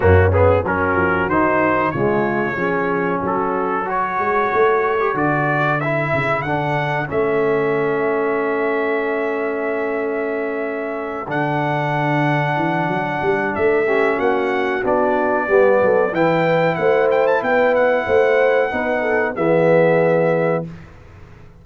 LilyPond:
<<
  \new Staff \with { instrumentName = "trumpet" } { \time 4/4 \tempo 4 = 93 fis'8 gis'8 ais'4 c''4 cis''4~ | cis''4 a'4 cis''2 | d''4 e''4 fis''4 e''4~ | e''1~ |
e''4. fis''2~ fis''8~ | fis''4 e''4 fis''4 d''4~ | d''4 g''4 fis''8 g''16 a''16 g''8 fis''8~ | fis''2 e''2 | }
  \new Staff \with { instrumentName = "horn" } { \time 4/4 cis'4 fis'2 f'4 | gis'4 fis'4 a'2~ | a'1~ | a'1~ |
a'1~ | a'4. g'8 fis'2 | g'8 a'8 b'4 c''4 b'4 | c''4 b'8 a'8 gis'2 | }
  \new Staff \with { instrumentName = "trombone" } { \time 4/4 ais8 b8 cis'4 dis'4 gis4 | cis'2 fis'4.~ fis'16 g'16 | fis'4 e'4 d'4 cis'4~ | cis'1~ |
cis'4. d'2~ d'8~ | d'4. cis'4. d'4 | b4 e'2.~ | e'4 dis'4 b2 | }
  \new Staff \with { instrumentName = "tuba" } { \time 4/4 fis,4 fis8 f8 dis4 cis4 | f4 fis4. gis8 a4 | d4. cis8 d4 a4~ | a1~ |
a4. d2 e8 | fis8 g8 a4 ais4 b4 | g8 fis8 e4 a4 b4 | a4 b4 e2 | }
>>